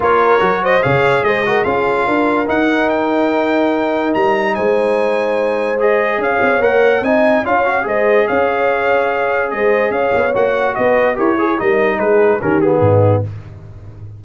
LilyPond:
<<
  \new Staff \with { instrumentName = "trumpet" } { \time 4/4 \tempo 4 = 145 cis''4. dis''8 f''4 dis''4 | f''2 fis''4 g''4~ | g''2 ais''4 gis''4~ | gis''2 dis''4 f''4 |
fis''4 gis''4 f''4 dis''4 | f''2. dis''4 | f''4 fis''4 dis''4 cis''4 | dis''4 b'4 ais'8 gis'4. | }
  \new Staff \with { instrumentName = "horn" } { \time 4/4 ais'4. c''8 cis''4 c''8 ais'8 | gis'4 ais'2.~ | ais'2. c''4~ | c''2. cis''4~ |
cis''4 dis''4 cis''4 c''4 | cis''2. c''4 | cis''2 b'4 ais'8 gis'8 | ais'4 gis'4 g'4 dis'4 | }
  \new Staff \with { instrumentName = "trombone" } { \time 4/4 f'4 fis'4 gis'4. fis'8 | f'2 dis'2~ | dis'1~ | dis'2 gis'2 |
ais'4 dis'4 f'8 fis'8 gis'4~ | gis'1~ | gis'4 fis'2 g'8 gis'8 | dis'2 cis'8 b4. | }
  \new Staff \with { instrumentName = "tuba" } { \time 4/4 ais4 fis4 cis4 gis4 | cis'4 d'4 dis'2~ | dis'2 g4 gis4~ | gis2. cis'8 c'8 |
ais4 c'4 cis'4 gis4 | cis'2. gis4 | cis'8 b8 ais4 b4 e'4 | g4 gis4 dis4 gis,4 | }
>>